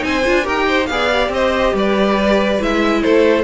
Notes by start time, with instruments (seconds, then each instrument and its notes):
0.00 cello C4, viola D#4, violin G#5
0.06 violin C5
0.26 cello D4, viola F4
0.43 cello D#4, viola G4, violin A#4 G5
0.68 violin C5
0.87 cello B3, viola G#4, violin F5
0.93 violin D5
1.12 viola G4
1.29 cello C4, violin C5 D#5
1.73 cello G3, violin B4 D5
2.60 cello G#3, viola E4, violin E5
3.03 cello A3, violin A4 C5